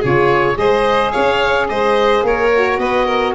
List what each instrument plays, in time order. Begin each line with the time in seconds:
0.00 tuba C#3, saxophone F4, violin G#4, oboe C#5
0.55 tuba G#3, saxophone G#4, violin C5, oboe D#5
1.12 tuba C#4, violin C#5, oboe F5
1.69 tuba G#3, violin C5, oboe D#5
2.23 tuba A#3, violin A#4, oboe C#5
2.55 saxophone F#4
2.78 tuba B3, violin B4, oboe D#5
3.06 violin A#4